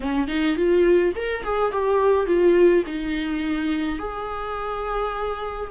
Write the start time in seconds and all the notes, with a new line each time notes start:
0.00 C#4
0.27 D#4
0.56 F4
1.15 A#4
1.43 G#4
1.71 G4
2.26 F4
2.86 D#4
3.98 G#4